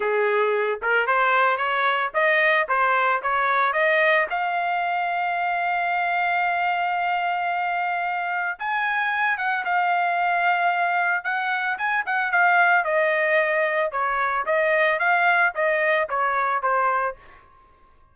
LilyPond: \new Staff \with { instrumentName = "trumpet" } { \time 4/4 \tempo 4 = 112 gis'4. ais'8 c''4 cis''4 | dis''4 c''4 cis''4 dis''4 | f''1~ | f''1 |
gis''4. fis''8 f''2~ | f''4 fis''4 gis''8 fis''8 f''4 | dis''2 cis''4 dis''4 | f''4 dis''4 cis''4 c''4 | }